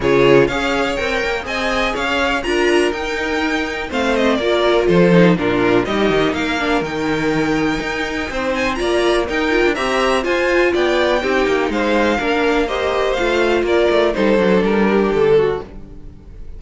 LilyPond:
<<
  \new Staff \with { instrumentName = "violin" } { \time 4/4 \tempo 4 = 123 cis''4 f''4 g''4 gis''4 | f''4 ais''4 g''2 | f''8 dis''8 d''4 c''4 ais'4 | dis''4 f''4 g''2~ |
g''4. gis''8 ais''4 g''4 | ais''4 gis''4 g''2 | f''2 dis''4 f''4 | d''4 c''4 ais'4 a'4 | }
  \new Staff \with { instrumentName = "violin" } { \time 4/4 gis'4 cis''2 dis''4 | cis''4 ais'2. | c''4 ais'4 a'4 f'4 | g'4 ais'2.~ |
ais'4 c''4 d''4 ais'4 | e''4 c''4 d''4 g'4 | c''4 ais'4 c''2 | ais'4 a'4. g'4 fis'8 | }
  \new Staff \with { instrumentName = "viola" } { \time 4/4 f'4 gis'4 ais'4 gis'4~ | gis'4 f'4 dis'2 | c'4 f'4. dis'8 d'4 | dis'4. d'8 dis'2~ |
dis'2 f'4 dis'8 f'8 | g'4 f'2 dis'4~ | dis'4 d'4 g'4 f'4~ | f'4 dis'8 d'2~ d'8 | }
  \new Staff \with { instrumentName = "cello" } { \time 4/4 cis4 cis'4 c'8 ais8 c'4 | cis'4 d'4 dis'2 | a4 ais4 f4 ais,4 | g8 dis8 ais4 dis2 |
dis'4 c'4 ais4 dis'8. d'16 | c'4 f'4 b4 c'8 ais8 | gis4 ais2 a4 | ais8 a8 g8 fis8 g4 d4 | }
>>